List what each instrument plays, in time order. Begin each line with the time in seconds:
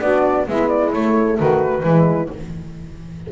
0.00 double bass B3, horn D4, saxophone F#4, flute D5
0.46 double bass G#3, horn B3, saxophone E4, flute E5
0.68 flute D5
0.92 double bass A3, horn A3, flute C#5
1.38 double bass D#3, saxophone F#4, flute B4
1.83 double bass E3, horn G#3, saxophone E4